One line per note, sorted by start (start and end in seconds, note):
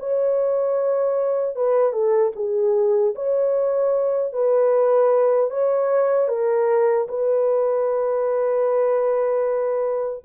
0.00 1.56 C#5
1.56 1.93 B4
1.93 2.33 A4
2.36 3.15 G#4
3.16 4.33 C#5
4.33 5.51 B4
5.51 6.29 C#5
6.29 7.08 A#4
7.09 10.25 B4